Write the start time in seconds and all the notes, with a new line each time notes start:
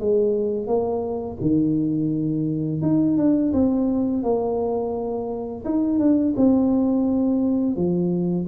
0.00 G#3
0.67 A#3
1.41 D#3
2.82 D#4
3.17 D4
3.53 C4
4.23 A#3
5.65 D#4
5.99 D4
6.37 C4
7.76 F3